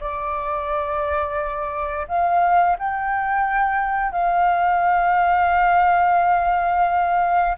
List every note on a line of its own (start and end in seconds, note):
0.00 2.07 D5
2.08 2.76 F5
2.78 4.12 G5
4.12 7.56 F5